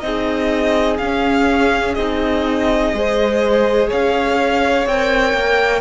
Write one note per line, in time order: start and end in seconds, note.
0.00 0.99 C4
0.00 0.98 D#4
0.00 2.96 G#4
0.00 0.97 D#5
0.98 1.96 C#4
0.98 1.98 C#4
0.98 1.94 F5
1.94 2.93 C4
1.94 2.94 D#4
1.94 3.87 D#5
2.93 3.90 G#3
2.93 4.87 G#4
2.93 3.89 C5
3.89 4.86 C#4
3.89 5.80 C#5
3.89 4.87 F5
4.86 5.33 C4
4.86 5.80 A#4
4.86 5.80 G5
5.33 5.80 A#3